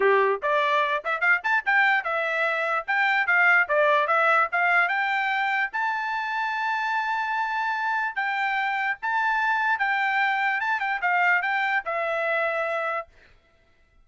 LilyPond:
\new Staff \with { instrumentName = "trumpet" } { \time 4/4 \tempo 4 = 147 g'4 d''4. e''8 f''8 a''8 | g''4 e''2 g''4 | f''4 d''4 e''4 f''4 | g''2 a''2~ |
a''1 | g''2 a''2 | g''2 a''8 g''8 f''4 | g''4 e''2. | }